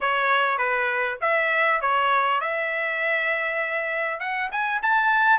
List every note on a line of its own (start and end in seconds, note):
0.00 0.58 C#5
0.58 1.18 B4
1.21 1.81 E5
1.81 2.41 C#5
2.41 4.20 E5
4.20 4.50 F#5
4.51 4.81 G#5
4.82 5.39 A5